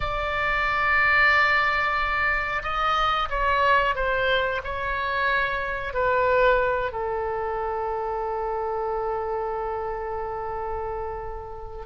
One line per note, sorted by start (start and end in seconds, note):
0.00 2.62 D5
2.62 3.28 D#5
3.29 3.95 C#5
3.95 4.61 C5
4.63 5.93 C#5
5.93 6.92 B4
6.92 11.85 A4